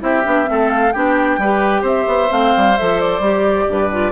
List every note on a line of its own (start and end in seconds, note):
0.00 0.25 C4
0.00 0.23 E4
0.00 0.50 G4
0.00 0.70 E5
0.25 0.49 B3
0.25 0.45 D4
0.45 0.95 A3
0.45 0.91 C4
0.51 0.94 A4
0.70 0.93 F5
0.93 1.38 B3
0.93 1.41 D4
0.93 1.40 G4
0.93 1.84 G5
1.38 1.83 G3
1.38 2.29 G4
1.38 1.82 B4
1.82 2.05 C4
1.82 3.65 C5
1.82 2.32 E5
2.07 2.30 B3
2.29 2.54 A3
2.29 2.75 C4
2.29 2.78 F5
2.56 2.79 G3
2.78 3.19 F3
2.78 3.22 A4
2.78 3.00 E5
3.00 4.12 D5
3.19 3.65 G3
3.19 3.91 G4
3.69 4.12 G2
3.69 4.12 B4
3.92 4.12 F4